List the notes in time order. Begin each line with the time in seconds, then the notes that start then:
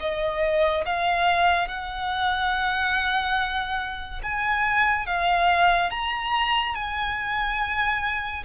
0.00 D#5
0.85 F5
1.68 F#5
4.23 G#5
5.07 F5
5.90 A#5
6.75 G#5